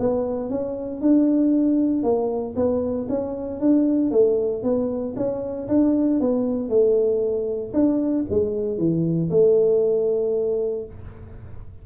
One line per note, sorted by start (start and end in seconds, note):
0.00 0.50 B3
0.50 1.01 C#4
1.01 2.03 D4
2.03 2.55 A#3
2.56 3.08 B3
3.10 3.61 C#4
3.61 4.11 D4
4.11 4.63 A3
4.63 5.15 B3
5.17 5.68 C#4
5.69 6.20 D4
6.21 6.69 B3
6.69 7.73 A3
7.74 8.26 D4
8.30 8.78 G#3
8.78 9.30 E3
9.31 10.86 A3